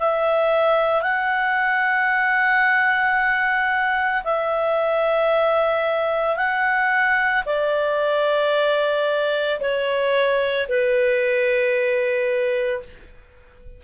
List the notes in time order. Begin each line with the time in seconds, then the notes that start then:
0.00 E5
1.02 F#5
4.24 E5
6.37 F#5
7.46 D5
9.60 C#5
10.69 B4